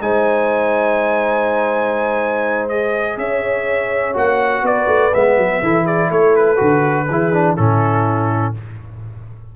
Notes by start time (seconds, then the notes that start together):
0.00 G#3 D#4 C5 G#5
2.68 G#4 D#5
3.17 C#4 C#5 E5
4.13 A#3 F#4 F#5
4.62 B3 B4 D5
4.86 A3
5.13 G#3 B3 E5
5.37 F#3
5.62 E3 E4 A4
5.84 G#4 D5
6.10 A3 A4 C#5
6.35 B4
6.56 D3 F#4
7.07 E3 E4 G#4
7.33 D4
7.55 A2 C#4 E4 A4